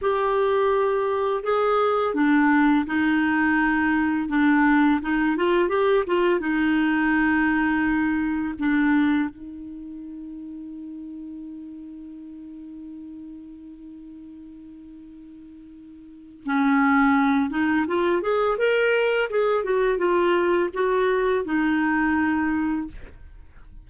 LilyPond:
\new Staff \with { instrumentName = "clarinet" } { \time 4/4 \tempo 4 = 84 g'2 gis'4 d'4 | dis'2 d'4 dis'8 f'8 | g'8 f'8 dis'2. | d'4 dis'2.~ |
dis'1~ | dis'2. cis'4~ | cis'8 dis'8 f'8 gis'8 ais'4 gis'8 fis'8 | f'4 fis'4 dis'2 | }